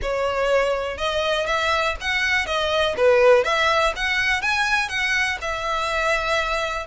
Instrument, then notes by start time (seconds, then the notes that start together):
violin
0.02 C#5
0.97 D#5
1.46 E5
2.00 F#5
2.45 D#5
2.96 B4
3.44 E5
3.95 F#5
4.41 G#5
4.88 F#5
5.41 E5